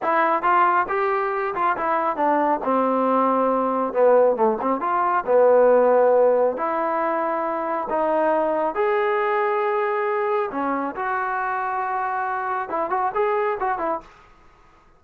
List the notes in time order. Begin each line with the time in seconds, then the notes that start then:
0.02 E4
0.42 F4
0.88 G4
1.54 F4
1.76 E4
2.16 D4
2.64 C4
3.93 B3
4.36 A3
4.61 C4
4.80 F4
5.26 B3
6.56 E4
7.89 D#4
8.74 G#4
10.51 C#4
10.95 F#4
12.69 E4
12.90 F#4
13.14 G#4
13.60 F#4
13.78 E4